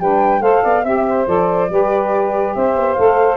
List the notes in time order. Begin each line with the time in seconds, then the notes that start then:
0.00 G3 D4 B4 G5
0.41 A3 A4 C5 F5
0.62 B3 D5
0.83 C4 G4 E5
1.08 C5
1.26 F3 A4 D5
1.69 G3 G4 B4
2.55 C4 C5 E5
2.76 B3
2.94 A3 A4 F5